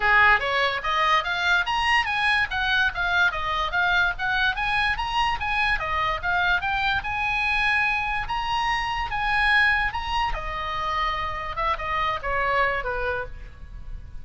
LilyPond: \new Staff \with { instrumentName = "oboe" } { \time 4/4 \tempo 4 = 145 gis'4 cis''4 dis''4 f''4 | ais''4 gis''4 fis''4 f''4 | dis''4 f''4 fis''4 gis''4 | ais''4 gis''4 dis''4 f''4 |
g''4 gis''2. | ais''2 gis''2 | ais''4 dis''2. | e''8 dis''4 cis''4. b'4 | }